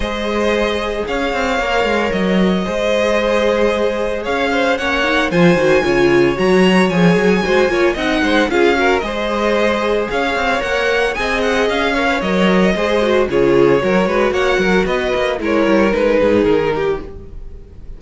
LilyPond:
<<
  \new Staff \with { instrumentName = "violin" } { \time 4/4 \tempo 4 = 113 dis''2 f''2 | dis''1 | f''4 fis''4 gis''2 | ais''4 gis''2 fis''4 |
f''4 dis''2 f''4 | fis''4 gis''8 fis''8 f''4 dis''4~ | dis''4 cis''2 fis''4 | dis''4 cis''4 b'4 ais'4 | }
  \new Staff \with { instrumentName = "violin" } { \time 4/4 c''2 cis''2~ | cis''4 c''2. | cis''8 c''8 cis''4 c''4 cis''4~ | cis''2 c''8 cis''8 dis''8 c''8 |
gis'8 ais'8 c''2 cis''4~ | cis''4 dis''4. cis''4. | c''4 gis'4 ais'8 b'8 cis''8 ais'8 | b'4 ais'4. gis'4 g'8 | }
  \new Staff \with { instrumentName = "viola" } { \time 4/4 gis'2. ais'4~ | ais'4 gis'2.~ | gis'4 cis'8 dis'8 f'8 fis'8 f'4 | fis'4 gis'4 fis'8 f'8 dis'4 |
f'8 fis'8 gis'2. | ais'4 gis'4. ais'16 b'16 ais'4 | gis'8 fis'8 f'4 fis'2~ | fis'4 e'4 dis'2 | }
  \new Staff \with { instrumentName = "cello" } { \time 4/4 gis2 cis'8 c'8 ais8 gis8 | fis4 gis2. | cis'4 ais4 f8 dis8 cis4 | fis4 f8 fis8 gis8 ais8 c'8 gis8 |
cis'4 gis2 cis'8 c'8 | ais4 c'4 cis'4 fis4 | gis4 cis4 fis8 gis8 ais8 fis8 | b8 ais8 gis8 g8 gis8 gis,8 dis4 | }
>>